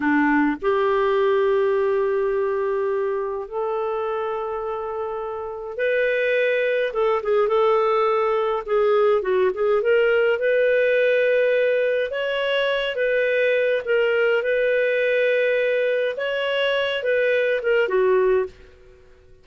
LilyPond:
\new Staff \with { instrumentName = "clarinet" } { \time 4/4 \tempo 4 = 104 d'4 g'2.~ | g'2 a'2~ | a'2 b'2 | a'8 gis'8 a'2 gis'4 |
fis'8 gis'8 ais'4 b'2~ | b'4 cis''4. b'4. | ais'4 b'2. | cis''4. b'4 ais'8 fis'4 | }